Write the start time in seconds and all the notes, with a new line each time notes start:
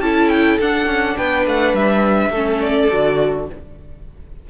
0.00 C#4 E4 A4 A5
0.29 G5
0.60 D4 F#5
0.86 C#4
1.17 B3 B4 G5
1.47 A3 F#5
1.74 G3 E5
2.30 A3 C#4 A4
2.61 D5
2.91 D3 F#4